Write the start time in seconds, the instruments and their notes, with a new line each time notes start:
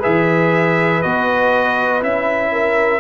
0.00 trombone G#4, horn B4, trumpet E5
0.06 tuba E3
1.02 tuba B3, trombone F#4, trumpet D#5
2.02 tuba C#4, trombone E4, trumpet E5
2.53 horn A#4